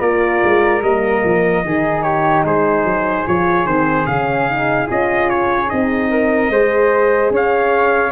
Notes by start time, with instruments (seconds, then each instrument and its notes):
0.00 tuba A#3, horn F4, flute A#4, trumpet D5
0.44 tuba G#3
0.82 tuba G3, horn A#3, trumpet D#5
1.24 tuba F3
1.64 tuba D#3, horn D#4, flute G#4
2.02 flute G4, trumpet C#5
2.44 tuba G#3, flute G#4, trumpet C5
2.84 tuba F#3
3.27 tuba F3, horn F4, trumpet C#5
3.65 tuba D#3, horn C4, trumpet C5
4.06 tuba C#3, horn C#4, trumpet F5
4.49 horn D#4
4.86 tuba C#4, horn F4, trumpet D#5
5.29 trumpet C#5
5.69 tuba C4, horn D#4, trumpet D#5
6.10 flute A#4
6.49 tuba G#3, horn G#4, flute C5
7.30 tuba C#4, flute C#5, trumpet F5